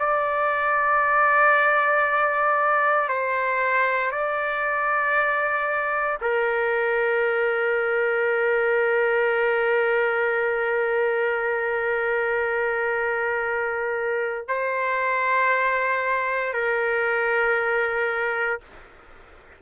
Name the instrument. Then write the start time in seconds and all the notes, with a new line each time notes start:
trumpet
0.00 D5
3.09 C5
4.11 D5
6.22 A#4
14.48 C5
16.54 A#4